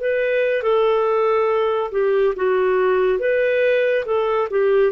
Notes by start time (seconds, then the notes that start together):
0.00 B4
0.63 A4
1.91 G4
2.36 F#4
3.19 B4
4.06 A4
4.50 G4